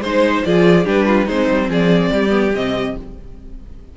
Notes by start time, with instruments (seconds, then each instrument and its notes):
0.00 cello G#3, viola D#4, violin C5
0.45 cello F3, viola F4, violin G#4 D5
0.84 cello G3, viola D4, violin G4 B4
1.06 violin F4
1.25 cello G#3, viola C4, violin D#4 C5
1.50 cello G3
1.68 cello F3, violin G#4 D5
2.12 cello G3, violin G4
2.29 viola B3
2.54 cello C3, viola C4, violin D#5